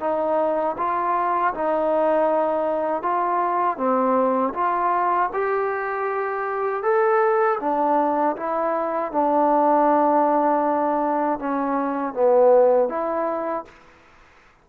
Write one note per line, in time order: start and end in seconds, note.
0.00 0.76 D#4
0.78 1.54 F4
1.54 3.02 D#4
3.02 3.77 F4
3.77 4.53 C4
4.54 5.30 F4
5.33 6.83 G4
6.83 7.59 A4
7.60 8.36 D4
8.36 9.12 E4
9.12 11.39 D4
11.39 12.13 C#4
12.13 12.89 B3
12.89 13.65 E4